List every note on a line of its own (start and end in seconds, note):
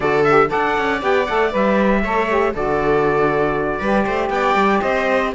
0.00 0.50 D3
0.00 0.26 F#4
0.00 0.49 A4
0.00 0.23 D5
0.23 0.47 G4
0.23 0.49 E5
0.47 0.98 A4
0.47 2.02 D5
0.47 1.02 F#5
0.54 0.77 D4
0.77 1.02 C#4
1.00 1.27 B3
1.00 1.26 G4
1.00 1.26 G5
1.26 1.54 A3
1.26 1.50 A4
1.26 1.51 F#5
1.50 2.03 G3
1.50 2.01 B4
1.50 2.55 E5
2.03 2.54 A3
2.03 2.28 A4
2.03 2.53 C#5
2.28 2.53 G4
2.53 3.80 D3
2.53 3.81 F#4
2.53 3.78 A4
2.53 4.30 D5
3.78 4.06 G3
3.78 5.34 G4
3.78 4.04 B4
4.05 4.29 A3
4.05 4.30 C5
4.29 4.54 B3
4.29 4.81 D5
4.29 4.80 G5
4.54 4.80 G3
4.81 5.34 C4
4.81 5.32 C5
4.81 5.32 D#5